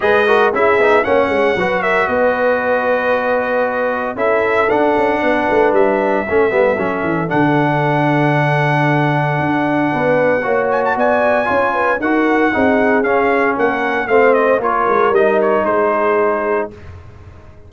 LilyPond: <<
  \new Staff \with { instrumentName = "trumpet" } { \time 4/4 \tempo 4 = 115 dis''4 e''4 fis''4. e''8 | dis''1 | e''4 fis''2 e''4~ | e''2 fis''2~ |
fis''1~ | fis''8 gis''16 a''16 gis''2 fis''4~ | fis''4 f''4 fis''4 f''8 dis''8 | cis''4 dis''8 cis''8 c''2 | }
  \new Staff \with { instrumentName = "horn" } { \time 4/4 b'8 ais'8 gis'4 cis''4 b'8 ais'8 | b'1 | a'2 b'2 | a'1~ |
a'2. b'4 | cis''4 d''4 cis''8 b'8 ais'4 | gis'2 ais'4 c''4 | ais'2 gis'2 | }
  \new Staff \with { instrumentName = "trombone" } { \time 4/4 gis'8 fis'8 e'8 dis'8 cis'4 fis'4~ | fis'1 | e'4 d'2. | cis'8 b8 cis'4 d'2~ |
d'1 | fis'2 f'4 fis'4 | dis'4 cis'2 c'4 | f'4 dis'2. | }
  \new Staff \with { instrumentName = "tuba" } { \time 4/4 gis4 cis'8 b8 ais8 gis8 fis4 | b1 | cis'4 d'8 cis'8 b8 a8 g4 | a8 g8 fis8 e8 d2~ |
d2 d'4 b4 | ais4 b4 cis'4 dis'4 | c'4 cis'4 ais4 a4 | ais8 gis8 g4 gis2 | }
>>